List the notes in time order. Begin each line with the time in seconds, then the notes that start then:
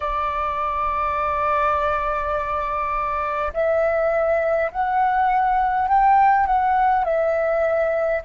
0.00 D5
3.53 E5
4.71 F#5
5.88 G5
6.46 F#5
7.04 E5